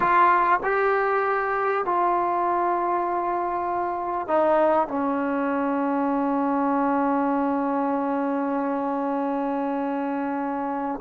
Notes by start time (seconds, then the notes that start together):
0.00 F4
0.63 G4
1.85 F4
4.27 D#4
4.88 C#4